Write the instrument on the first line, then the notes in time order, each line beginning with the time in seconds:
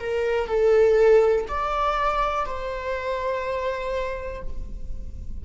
viola
0.00 A#4
0.47 A4
1.48 D5
2.45 C5